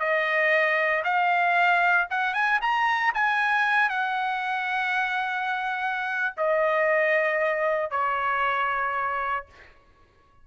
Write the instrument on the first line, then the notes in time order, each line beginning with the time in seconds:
trumpet
0.00 D#5
1.04 F5
2.10 F#5
2.34 G#5
2.62 A#5
3.15 G#5
3.90 F#5
6.37 D#5
7.91 C#5